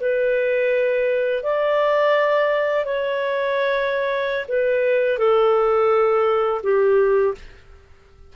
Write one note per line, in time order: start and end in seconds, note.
0.00 1.43 B4
1.43 2.84 D5
2.84 4.45 C#5
4.48 5.18 B4
5.18 6.61 A4
6.63 7.34 G4